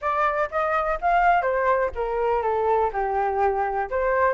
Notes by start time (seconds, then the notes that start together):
0.01 D5
0.50 D#5
1.01 F5
1.42 C5
1.95 A#4
2.42 A4
2.92 G4
3.90 C5